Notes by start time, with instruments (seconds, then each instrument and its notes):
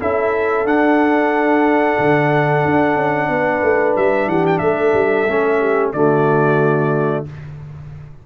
0.00 tuba C#4, trombone E4, horn A4, trumpet E5
0.65 tuba D4, trombone D4, trumpet F#5
1.99 tuba D3
2.65 tuba D4
2.96 tuba C#4
3.29 tuba B3, horn B4
3.63 tuba A3
3.97 tuba G3, trumpet E5
4.27 tuba E3, horn G4, trumpet F#5
4.47 trumpet G5
4.59 tuba A3, horn A4, trumpet E5
4.94 tuba G3
5.28 tuba A3, trombone C#4
5.60 horn G4
5.93 tuba D3, trombone A3, horn F#4, trumpet D5